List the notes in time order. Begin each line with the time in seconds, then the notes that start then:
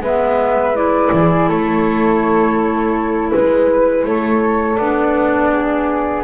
0.00 G#3 B3 B4 E5
0.74 E4 D5
1.12 E3 G#4
1.49 A3 A4 C#5
3.32 G#3 B4
4.04 A3 A4 C#5
4.77 B3 D4 D5
5.53 G#4